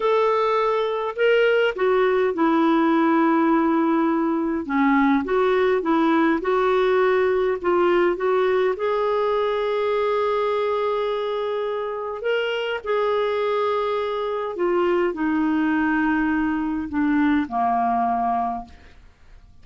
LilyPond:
\new Staff \with { instrumentName = "clarinet" } { \time 4/4 \tempo 4 = 103 a'2 ais'4 fis'4 | e'1 | cis'4 fis'4 e'4 fis'4~ | fis'4 f'4 fis'4 gis'4~ |
gis'1~ | gis'4 ais'4 gis'2~ | gis'4 f'4 dis'2~ | dis'4 d'4 ais2 | }